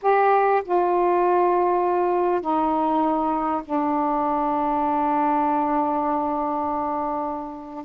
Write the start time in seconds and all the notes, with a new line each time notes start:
0.02 G4
0.64 F4
2.41 D#4
3.64 D4